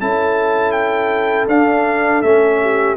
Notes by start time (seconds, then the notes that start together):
0.00 C#4 E4 A4 A5
0.72 G5
1.48 D4 F5
2.22 A3 C#4 E5
2.61 G4